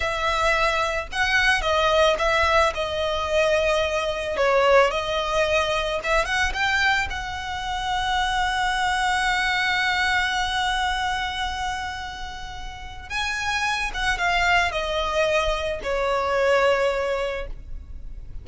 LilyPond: \new Staff \with { instrumentName = "violin" } { \time 4/4 \tempo 4 = 110 e''2 fis''4 dis''4 | e''4 dis''2. | cis''4 dis''2 e''8 fis''8 | g''4 fis''2.~ |
fis''1~ | fis''1 | gis''4. fis''8 f''4 dis''4~ | dis''4 cis''2. | }